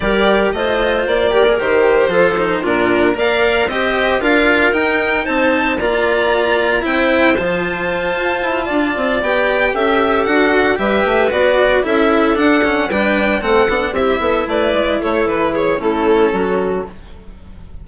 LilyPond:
<<
  \new Staff \with { instrumentName = "violin" } { \time 4/4 \tempo 4 = 114 d''4 dis''4 d''4 c''4~ | c''4 ais'4 f''4 dis''4 | f''4 g''4 a''4 ais''4~ | ais''4 g''4 a''2~ |
a''4. g''4 e''4 fis''8~ | fis''8 e''4 d''4 e''4 fis''8~ | fis''8 g''4 fis''4 e''4 d''8~ | d''8 cis''8 b'8 cis''8 a'2 | }
  \new Staff \with { instrumentName = "clarinet" } { \time 4/4 ais'4 c''4. ais'4. | a'4 f'4 d''4 c''4 | ais'2 c''4 d''4~ | d''4 c''2.~ |
c''8 d''2 a'4.~ | a'8 b'2 a'4.~ | a'8 b'4 a'4 g'8 a'8 b'8~ | b'8 a'4 gis'8 e'4 fis'4 | }
  \new Staff \with { instrumentName = "cello" } { \time 4/4 g'4 f'4. g'16 gis'16 g'4 | f'8 dis'8 d'4 ais'4 g'4 | f'4 dis'2 f'4~ | f'4 e'4 f'2~ |
f'4. g'2 fis'8~ | fis'8 g'4 fis'4 e'4 d'8 | cis'8 d'4 c'8 d'8 e'4.~ | e'2 cis'2 | }
  \new Staff \with { instrumentName = "bassoon" } { \time 4/4 g4 a4 ais4 dis4 | f4 ais,4 ais4 c'4 | d'4 dis'4 c'4 ais4~ | ais4 c'4 f4. f'8 |
e'8 d'8 c'8 b4 cis'4 d'8~ | d'8 g8 a8 b4 cis'4 d'8~ | d'8 g4 a8 b8 c'8 b8 a8 | gis8 a8 e4 a4 fis4 | }
>>